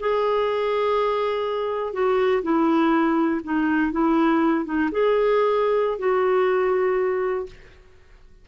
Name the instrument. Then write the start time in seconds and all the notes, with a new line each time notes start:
clarinet
0.00 G#4
1.93 F#4
2.43 E4
3.44 D#4
3.92 E4
4.65 D#4
4.92 G#4
5.99 F#4